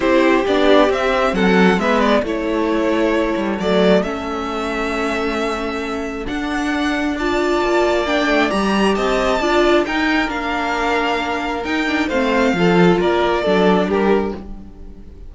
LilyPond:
<<
  \new Staff \with { instrumentName = "violin" } { \time 4/4 \tempo 4 = 134 c''4 d''4 e''4 fis''4 | e''8 d''8 cis''2. | d''4 e''2.~ | e''2 fis''2 |
a''2 g''4 ais''4 | a''2 g''4 f''4~ | f''2 g''4 f''4~ | f''4 d''2 ais'4 | }
  \new Staff \with { instrumentName = "violin" } { \time 4/4 g'2. a'4 | b'4 a'2.~ | a'1~ | a'1 |
d''1 | dis''4 d''4 ais'2~ | ais'2. c''4 | a'4 ais'4 a'4 g'4 | }
  \new Staff \with { instrumentName = "viola" } { \time 4/4 e'4 d'4 c'2 | b4 e'2. | a4 cis'2.~ | cis'2 d'2 |
f'2 d'4 g'4~ | g'4 f'4 dis'4 d'4~ | d'2 dis'8 d'8 c'4 | f'2 d'2 | }
  \new Staff \with { instrumentName = "cello" } { \time 4/4 c'4 b4 c'4 fis4 | gis4 a2~ a8 g8 | fis4 a2.~ | a2 d'2~ |
d'4 ais4. a8 g4 | c'4 d'4 dis'4 ais4~ | ais2 dis'4 a4 | f4 ais4 fis4 g4 | }
>>